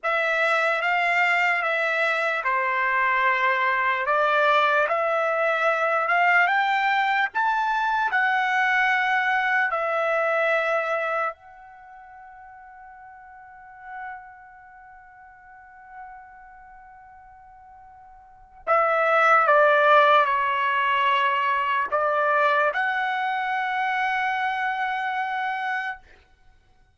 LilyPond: \new Staff \with { instrumentName = "trumpet" } { \time 4/4 \tempo 4 = 74 e''4 f''4 e''4 c''4~ | c''4 d''4 e''4. f''8 | g''4 a''4 fis''2 | e''2 fis''2~ |
fis''1~ | fis''2. e''4 | d''4 cis''2 d''4 | fis''1 | }